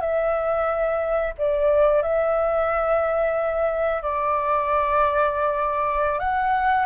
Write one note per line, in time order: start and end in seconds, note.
0.00 1.33 E5
1.38 2.02 D5
2.02 4.02 E5
4.02 6.19 D5
6.19 6.85 F#5